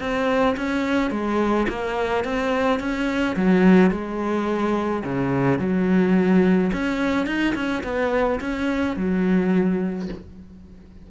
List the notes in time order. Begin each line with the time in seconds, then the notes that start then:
0.00 C4
0.57 C#4
1.11 G#3
1.69 A#3
2.24 C4
2.80 C#4
3.36 F#3
3.91 G#3
5.04 C#3
5.59 F#3
6.73 C#4
7.26 D#4
7.55 C#4
7.84 B3
8.40 C#4
8.97 F#3